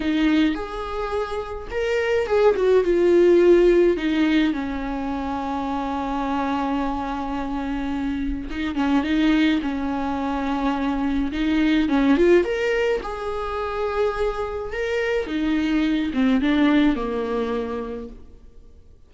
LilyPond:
\new Staff \with { instrumentName = "viola" } { \time 4/4 \tempo 4 = 106 dis'4 gis'2 ais'4 | gis'8 fis'8 f'2 dis'4 | cis'1~ | cis'2. dis'8 cis'8 |
dis'4 cis'2. | dis'4 cis'8 f'8 ais'4 gis'4~ | gis'2 ais'4 dis'4~ | dis'8 c'8 d'4 ais2 | }